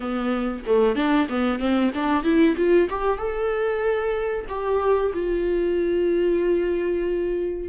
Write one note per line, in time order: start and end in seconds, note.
0.00 0.63 B3
0.66 0.95 A3
0.95 1.27 D4
1.29 1.59 B3
1.59 1.91 C4
1.94 2.23 D4
2.23 2.55 E4
2.56 2.88 F4
2.89 3.18 G4
3.18 4.45 A4
4.48 5.12 G4
5.13 7.68 F4